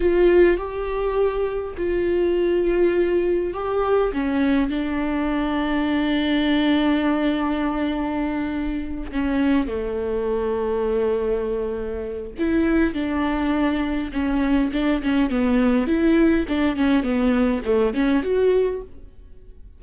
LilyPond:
\new Staff \with { instrumentName = "viola" } { \time 4/4 \tempo 4 = 102 f'4 g'2 f'4~ | f'2 g'4 cis'4 | d'1~ | d'2.~ d'8 cis'8~ |
cis'8 a2.~ a8~ | a4 e'4 d'2 | cis'4 d'8 cis'8 b4 e'4 | d'8 cis'8 b4 a8 cis'8 fis'4 | }